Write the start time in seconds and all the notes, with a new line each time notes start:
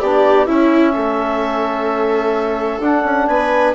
0.00 B3 D4 G4 D5
0.46 C#4 E4 E5
0.93 A3 A4
2.79 D4 F#5
3.04 C#4
3.27 B3 B4 G#5